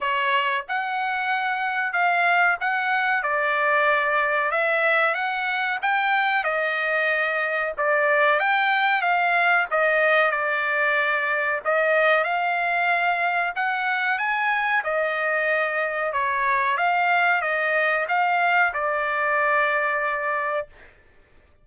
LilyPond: \new Staff \with { instrumentName = "trumpet" } { \time 4/4 \tempo 4 = 93 cis''4 fis''2 f''4 | fis''4 d''2 e''4 | fis''4 g''4 dis''2 | d''4 g''4 f''4 dis''4 |
d''2 dis''4 f''4~ | f''4 fis''4 gis''4 dis''4~ | dis''4 cis''4 f''4 dis''4 | f''4 d''2. | }